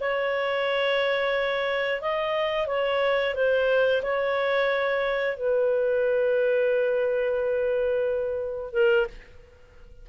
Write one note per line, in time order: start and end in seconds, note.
0.00 2.01 C#5
2.01 2.67 D#5
2.67 3.34 C#5
3.34 4.02 C5
4.02 5.37 C#5
5.37 8.73 B4
8.73 9.07 A#4